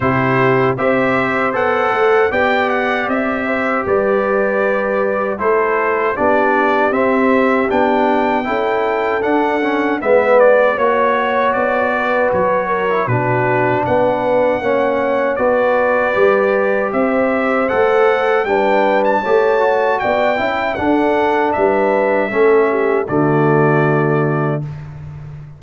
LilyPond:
<<
  \new Staff \with { instrumentName = "trumpet" } { \time 4/4 \tempo 4 = 78 c''4 e''4 fis''4 g''8 fis''8 | e''4 d''2 c''4 | d''4 e''4 g''2 | fis''4 e''8 d''8 cis''4 d''4 |
cis''4 b'4 fis''2 | d''2 e''4 fis''4 | g''8. a''4~ a''16 g''4 fis''4 | e''2 d''2 | }
  \new Staff \with { instrumentName = "horn" } { \time 4/4 g'4 c''2 d''4~ | d''8 c''8 b'2 a'4 | g'2. a'4~ | a'4 b'4 cis''4. b'8~ |
b'8 ais'8 fis'4 b'4 cis''4 | b'2 c''2 | b'4 cis''4 d''8 e''8 a'4 | b'4 a'8 g'8 fis'2 | }
  \new Staff \with { instrumentName = "trombone" } { \time 4/4 e'4 g'4 a'4 g'4~ | g'2. e'4 | d'4 c'4 d'4 e'4 | d'8 cis'8 b4 fis'2~ |
fis'8. e'16 d'2 cis'4 | fis'4 g'2 a'4 | d'4 g'8 fis'4 e'8 d'4~ | d'4 cis'4 a2 | }
  \new Staff \with { instrumentName = "tuba" } { \time 4/4 c4 c'4 b8 a8 b4 | c'4 g2 a4 | b4 c'4 b4 cis'4 | d'4 gis4 ais4 b4 |
fis4 b,4 b4 ais4 | b4 g4 c'4 a4 | g4 a4 b8 cis'8 d'4 | g4 a4 d2 | }
>>